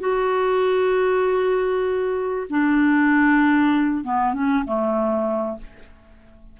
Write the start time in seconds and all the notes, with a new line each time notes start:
0.00 F#4
2.50 D4
4.04 B3
4.34 C#4
4.65 A3